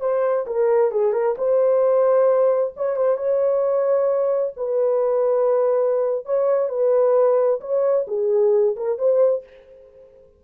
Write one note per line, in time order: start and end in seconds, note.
0.00 0.45 C5
0.46 0.91 A#4
0.91 1.12 G#4
1.12 1.35 A#4
1.37 2.74 C5
2.76 2.96 C#5
2.96 3.17 C5
3.17 4.53 C#5
4.56 6.25 B4
6.25 6.69 C#5
6.69 7.60 B4
7.60 8.06 C#5
8.07 8.75 G#4
8.76 8.98 A#4
8.98 9.43 C5